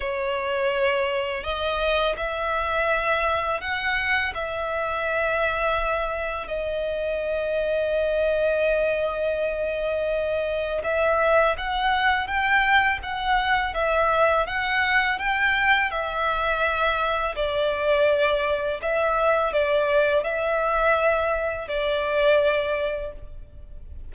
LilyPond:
\new Staff \with { instrumentName = "violin" } { \time 4/4 \tempo 4 = 83 cis''2 dis''4 e''4~ | e''4 fis''4 e''2~ | e''4 dis''2.~ | dis''2. e''4 |
fis''4 g''4 fis''4 e''4 | fis''4 g''4 e''2 | d''2 e''4 d''4 | e''2 d''2 | }